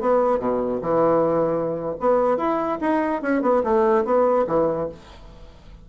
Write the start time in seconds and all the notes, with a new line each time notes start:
0.00 B3
0.39 B2
0.81 E3
2.00 B3
2.37 E4
2.80 D#4
3.22 C#4
3.42 B3
3.63 A3
4.04 B3
4.47 E3